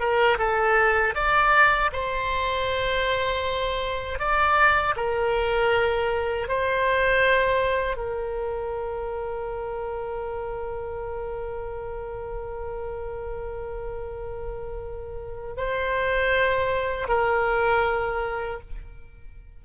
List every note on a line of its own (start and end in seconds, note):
0.00 0.38 A#4
0.38 1.14 A4
1.15 1.91 D5
1.93 4.19 C5
4.19 4.95 D5
4.96 6.48 A#4
6.48 7.96 C5
7.96 15.56 A#4
15.57 17.08 C5
17.08 18.60 A#4